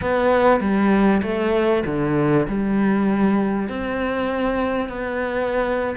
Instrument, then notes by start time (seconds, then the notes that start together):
cello
0.01 B3
0.60 G3
1.22 A3
1.85 D3
2.47 G3
3.68 C4
4.88 B3